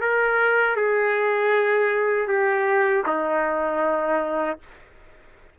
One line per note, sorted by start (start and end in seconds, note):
0.00 0.76 A#4
0.76 2.28 G#4
2.28 3.03 G4
3.06 4.58 D#4